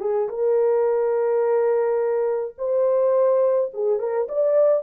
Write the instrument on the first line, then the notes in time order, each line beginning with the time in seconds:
horn
0.00 G#4
0.29 A#4
2.58 C5
3.74 G#4
3.99 A#4
4.29 D5